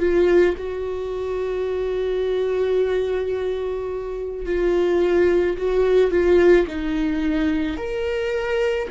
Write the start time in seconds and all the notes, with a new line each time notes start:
0.00 F4
0.58 F#4
4.46 F4
5.58 F#4
6.11 F4
6.68 D#4
7.77 A#4